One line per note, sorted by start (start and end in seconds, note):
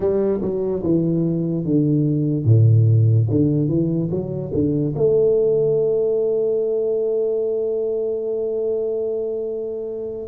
0.00 0.40 G3
0.41 0.82 F#3
0.83 1.64 E3
1.64 2.44 D3
2.44 3.27 A2
3.30 3.68 D3
3.68 4.09 E3
4.10 4.51 F#3
4.53 4.94 D3
4.95 10.27 A3